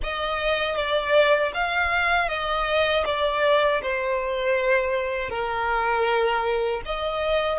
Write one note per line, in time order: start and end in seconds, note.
0.03 0.76 D#5
0.76 1.52 D5
1.54 2.28 F5
2.28 3.04 D#5
3.05 3.81 D5
3.82 5.29 C5
5.29 6.81 A#4
6.85 7.59 D#5